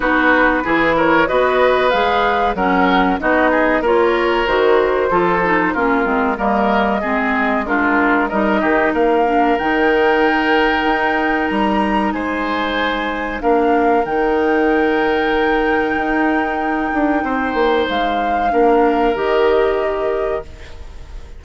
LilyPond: <<
  \new Staff \with { instrumentName = "flute" } { \time 4/4 \tempo 4 = 94 b'4. cis''8 dis''4 f''4 | fis''4 dis''4 cis''4 c''4~ | c''4 ais'4 dis''2 | ais'4 dis''4 f''4 g''4~ |
g''2 ais''4 gis''4~ | gis''4 f''4 g''2~ | g''1 | f''2 dis''2 | }
  \new Staff \with { instrumentName = "oboe" } { \time 4/4 fis'4 gis'8 ais'8 b'2 | ais'4 fis'8 gis'8 ais'2 | a'4 f'4 ais'4 gis'4 | f'4 ais'8 g'8 ais'2~ |
ais'2. c''4~ | c''4 ais'2.~ | ais'2. c''4~ | c''4 ais'2. | }
  \new Staff \with { instrumentName = "clarinet" } { \time 4/4 dis'4 e'4 fis'4 gis'4 | cis'4 dis'4 f'4 fis'4 | f'8 dis'8 cis'8 c'8 ais4 c'4 | d'4 dis'4. d'8 dis'4~ |
dis'1~ | dis'4 d'4 dis'2~ | dis'1~ | dis'4 d'4 g'2 | }
  \new Staff \with { instrumentName = "bassoon" } { \time 4/4 b4 e4 b4 gis4 | fis4 b4 ais4 dis4 | f4 ais8 gis8 g4 gis4~ | gis4 g8 dis8 ais4 dis4~ |
dis4 dis'4 g4 gis4~ | gis4 ais4 dis2~ | dis4 dis'4. d'8 c'8 ais8 | gis4 ais4 dis2 | }
>>